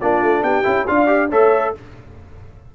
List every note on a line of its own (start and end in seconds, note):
0.00 0.22 A#3
0.00 0.63 D4
0.00 0.43 F4
0.00 0.43 D5
0.22 0.43 A3
0.43 0.65 B3
0.43 0.86 G4
0.43 0.87 G5
0.63 0.88 C#4
0.63 0.85 E4
0.87 1.32 D4
0.87 1.06 F4
0.87 1.30 D5
0.87 1.31 F5
1.06 1.28 G4
1.30 1.75 A3
1.30 1.75 A4
1.30 1.73 C#5
1.30 1.75 E5